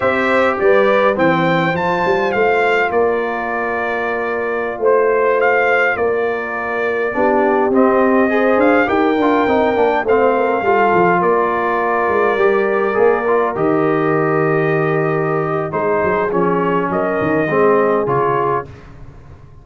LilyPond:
<<
  \new Staff \with { instrumentName = "trumpet" } { \time 4/4 \tempo 4 = 103 e''4 d''4 g''4 a''4 | f''4 d''2.~ | d''16 c''4 f''4 d''4.~ d''16~ | d''4~ d''16 dis''4. f''8 g''8.~ |
g''4~ g''16 f''2 d''8.~ | d''2.~ d''16 dis''8.~ | dis''2. c''4 | cis''4 dis''2 cis''4 | }
  \new Staff \with { instrumentName = "horn" } { \time 4/4 c''4 b'4 c''2~ | c''4 ais'2.~ | ais'16 c''2 ais'4.~ ais'16~ | ais'16 g'2 c''4 ais'8.~ |
ais'4~ ais'16 c''8 ais'8 a'4 ais'8.~ | ais'1~ | ais'2. gis'4~ | gis'4 ais'4 gis'2 | }
  \new Staff \with { instrumentName = "trombone" } { \time 4/4 g'2 c'4 f'4~ | f'1~ | f'1~ | f'16 d'4 c'4 gis'4 g'8 f'16~ |
f'16 dis'8 d'8 c'4 f'4.~ f'16~ | f'4~ f'16 g'4 gis'8 f'8 g'8.~ | g'2. dis'4 | cis'2 c'4 f'4 | }
  \new Staff \with { instrumentName = "tuba" } { \time 4/4 c'4 g4 e4 f8 g8 | a4 ais2.~ | ais16 a2 ais4.~ ais16~ | ais16 b4 c'4. d'8 dis'8 d'16~ |
d'16 c'8 ais8 a4 g8 f8 ais8.~ | ais8. gis8 g4 ais4 dis8.~ | dis2. gis8 fis8 | f4 fis8 dis8 gis4 cis4 | }
>>